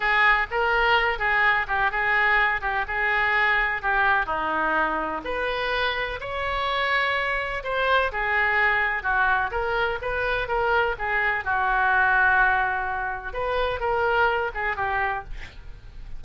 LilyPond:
\new Staff \with { instrumentName = "oboe" } { \time 4/4 \tempo 4 = 126 gis'4 ais'4. gis'4 g'8 | gis'4. g'8 gis'2 | g'4 dis'2 b'4~ | b'4 cis''2. |
c''4 gis'2 fis'4 | ais'4 b'4 ais'4 gis'4 | fis'1 | b'4 ais'4. gis'8 g'4 | }